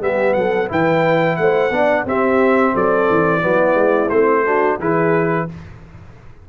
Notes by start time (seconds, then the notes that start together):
0.00 G3 B3 G4 E5
0.33 F#3 A4 F#5
0.68 E3 E4 B4 G5
1.36 A3 C5 F#5
1.70 B3 D4 D5
2.05 C4 G4 E5
2.73 F#3 A4 D5
3.10 E3
3.41 F#3 B3 E4
3.74 G#3
4.09 A3 C4 C5
4.45 D4 F#4
4.79 E3 E4 G#4 B4